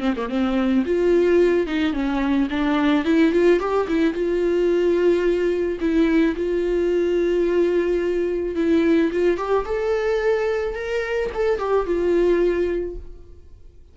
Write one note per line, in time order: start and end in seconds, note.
0.00 0.14 C4
0.16 0.29 A#3
0.29 0.84 C4
0.85 1.67 F4
1.67 1.93 D#4
1.93 2.48 C#4
2.50 3.05 D4
3.05 3.32 E4
3.32 3.59 F4
3.60 3.87 G4
3.88 4.13 E4
4.13 5.78 F4
5.80 6.35 E4
6.36 8.55 F4
8.55 9.11 E4
9.12 9.37 F4
9.37 9.65 G4
9.65 10.75 A4
10.75 11.30 A#4
11.34 11.58 A4
11.58 11.86 G4
11.86 12.96 F4